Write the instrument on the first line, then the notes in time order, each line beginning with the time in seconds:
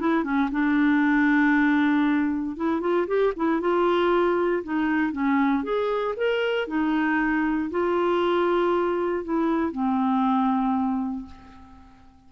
clarinet
0.00 E4
0.24 C#4
0.52 D4
2.57 E4
2.81 F4
3.08 G4
3.36 E4
3.61 F4
4.64 D#4
5.12 C#4
5.63 G#4
6.17 A#4
6.68 D#4
7.71 F4
9.25 E4
9.72 C4